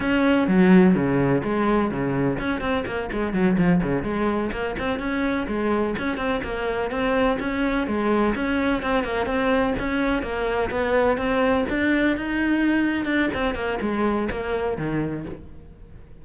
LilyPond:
\new Staff \with { instrumentName = "cello" } { \time 4/4 \tempo 4 = 126 cis'4 fis4 cis4 gis4 | cis4 cis'8 c'8 ais8 gis8 fis8 f8 | cis8 gis4 ais8 c'8 cis'4 gis8~ | gis8 cis'8 c'8 ais4 c'4 cis'8~ |
cis'8 gis4 cis'4 c'8 ais8 c'8~ | c'8 cis'4 ais4 b4 c'8~ | c'8 d'4 dis'2 d'8 | c'8 ais8 gis4 ais4 dis4 | }